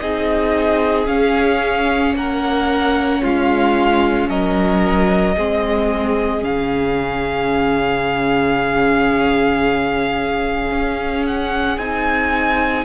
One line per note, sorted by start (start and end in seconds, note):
0.00 1.07 C4
0.00 1.06 D#4
0.00 2.16 G#4
0.00 1.07 D#5
1.06 5.35 C#4
1.06 2.14 C#4
1.06 2.14 F5
2.14 3.21 A#3
2.14 3.22 A#4
2.14 3.24 F#5
3.22 4.29 G#3
3.22 4.29 F4
3.22 4.29 F5
4.29 5.36 F#3
4.29 5.36 A#4
4.29 6.44 D#5
5.36 6.43 G#3
5.36 6.40 C4
5.36 12.85 G#4
6.40 10.71 C#3
6.40 11.76 C#4
6.40 11.26 F5
10.71 11.77 C#4
11.26 11.78 F#5
11.77 12.85 C4
11.77 12.85 D#4
11.77 12.85 G#5